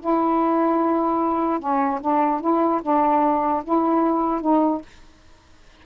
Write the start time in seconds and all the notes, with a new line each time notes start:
0.00 E4
1.59 C#4
2.01 D4
2.40 E4
2.82 D4
3.64 E4
4.41 D#4